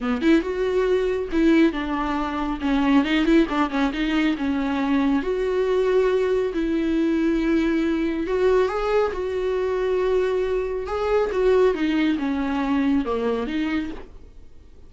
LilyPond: \new Staff \with { instrumentName = "viola" } { \time 4/4 \tempo 4 = 138 b8 e'8 fis'2 e'4 | d'2 cis'4 dis'8 e'8 | d'8 cis'8 dis'4 cis'2 | fis'2. e'4~ |
e'2. fis'4 | gis'4 fis'2.~ | fis'4 gis'4 fis'4 dis'4 | cis'2 ais4 dis'4 | }